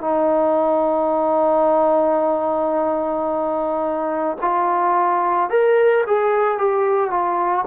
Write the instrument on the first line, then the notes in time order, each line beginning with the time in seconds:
trombone
0.00 D#4
4.41 F4
5.49 A#4
6.06 G#4
6.58 G4
7.10 F4